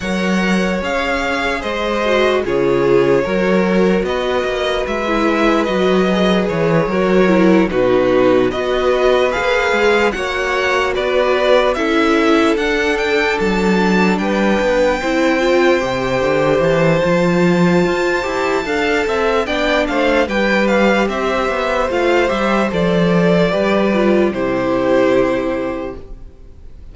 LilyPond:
<<
  \new Staff \with { instrumentName = "violin" } { \time 4/4 \tempo 4 = 74 fis''4 f''4 dis''4 cis''4~ | cis''4 dis''4 e''4 dis''4 | cis''4. b'4 dis''4 f''8~ | f''8 fis''4 d''4 e''4 fis''8 |
g''8 a''4 g''2~ g''8~ | g''8 a''2.~ a''8 | g''8 f''8 g''8 f''8 e''4 f''8 e''8 | d''2 c''2 | }
  \new Staff \with { instrumentName = "violin" } { \time 4/4 cis''2 c''4 gis'4 | ais'4 b'2.~ | b'8 ais'4 fis'4 b'4.~ | b'8 cis''4 b'4 a'4.~ |
a'4. b'4 c''4.~ | c''2. f''8 e''8 | d''8 c''8 b'4 c''2~ | c''4 b'4 g'2 | }
  \new Staff \with { instrumentName = "viola" } { \time 4/4 ais'4 gis'4. fis'8 f'4 | fis'2~ fis'16 e'8. fis'8 gis'8~ | gis'8 fis'8 e'8 dis'4 fis'4 gis'8~ | gis'8 fis'2 e'4 d'8~ |
d'2~ d'8 e'8 f'8 g'8~ | g'4 f'4. g'8 a'4 | d'4 g'2 f'8 g'8 | a'4 g'8 f'8 e'2 | }
  \new Staff \with { instrumentName = "cello" } { \time 4/4 fis4 cis'4 gis4 cis4 | fis4 b8 ais8 gis4 fis4 | e8 fis4 b,4 b4 ais8 | gis8 ais4 b4 cis'4 d'8~ |
d'8 fis4 g8 b8 c'4 c8 | d8 e8 f4 f'8 e'8 d'8 c'8 | b8 a8 g4 c'8 b8 a8 g8 | f4 g4 c2 | }
>>